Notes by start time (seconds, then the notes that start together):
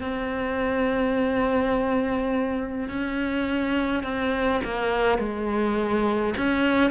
0.00 C4
2.88 C#4
4.03 C4
4.64 A#3
5.18 G#3
6.37 C#4